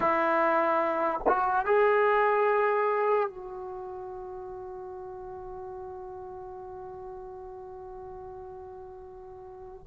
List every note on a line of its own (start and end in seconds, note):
0.00 1.20 E4
1.27 1.65 F#4
1.65 3.29 G#4
3.29 9.86 F#4